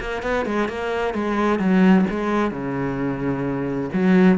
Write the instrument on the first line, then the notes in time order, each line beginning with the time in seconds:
cello
0.00 A#3
0.22 B3
0.45 G#3
0.68 A#3
1.14 G#3
1.59 F#3
2.10 G#3
2.51 C#3
3.93 F#3